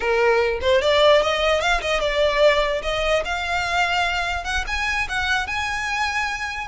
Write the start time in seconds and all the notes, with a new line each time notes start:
0.00 A#4
0.61 C5
0.81 D5
1.21 D#5
1.60 F5
1.81 D#5
2.00 D5
2.82 D#5
3.24 F5
4.44 F#5
4.67 G#5
5.08 F#5
5.46 G#5